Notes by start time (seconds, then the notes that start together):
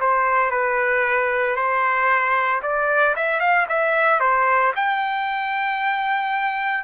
0.00 C5
0.50 B4
1.56 C5
2.62 D5
3.16 E5
3.40 F5
3.68 E5
4.20 C5
4.75 G5